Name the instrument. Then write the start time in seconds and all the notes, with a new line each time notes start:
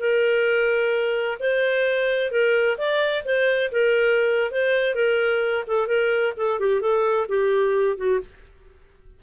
clarinet
0.00 A#4
1.40 C5
2.32 A#4
2.78 D5
3.25 C5
3.72 A#4
4.52 C5
4.96 A#4
5.68 A4
5.88 A#4
6.37 A4
6.60 G4
6.81 A4
7.29 G4
7.98 F#4